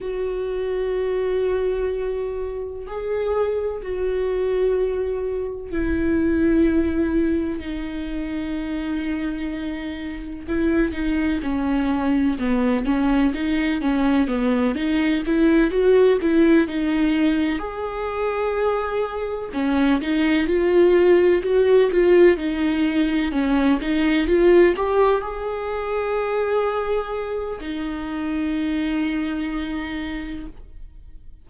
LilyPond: \new Staff \with { instrumentName = "viola" } { \time 4/4 \tempo 4 = 63 fis'2. gis'4 | fis'2 e'2 | dis'2. e'8 dis'8 | cis'4 b8 cis'8 dis'8 cis'8 b8 dis'8 |
e'8 fis'8 e'8 dis'4 gis'4.~ | gis'8 cis'8 dis'8 f'4 fis'8 f'8 dis'8~ | dis'8 cis'8 dis'8 f'8 g'8 gis'4.~ | gis'4 dis'2. | }